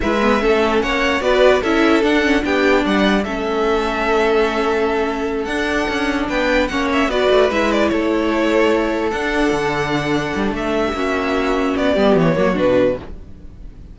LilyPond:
<<
  \new Staff \with { instrumentName = "violin" } { \time 4/4 \tempo 4 = 148 e''2 fis''4 d''4 | e''4 fis''4 g''4 fis''4 | e''1~ | e''4. fis''2 g''8~ |
g''8 fis''8 e''8 d''4 e''8 d''8 cis''8~ | cis''2~ cis''8 fis''4.~ | fis''2 e''2~ | e''4 d''4 cis''4 b'4 | }
  \new Staff \with { instrumentName = "violin" } { \time 4/4 b'4 a'4 cis''4 b'4 | a'2 g'4 d''4 | a'1~ | a'2.~ a'8 b'8~ |
b'8 cis''4 b'2 a'8~ | a'1~ | a'2~ a'8. g'16 fis'4~ | fis'4. g'4 fis'4. | }
  \new Staff \with { instrumentName = "viola" } { \time 4/4 e'8 b8 cis'2 fis'4 | e'4 d'8 cis'8 d'2 | cis'1~ | cis'4. d'2~ d'8~ |
d'8 cis'4 fis'4 e'4.~ | e'2~ e'8 d'4.~ | d'2. cis'4~ | cis'4. b4 ais8 d'4 | }
  \new Staff \with { instrumentName = "cello" } { \time 4/4 gis4 a4 ais4 b4 | cis'4 d'4 b4 g4 | a1~ | a4. d'4 cis'4 b8~ |
b8 ais4 b8 a8 gis4 a8~ | a2~ a8 d'4 d8~ | d4. g8 a4 ais4~ | ais4 b8 g8 e8 fis8 b,4 | }
>>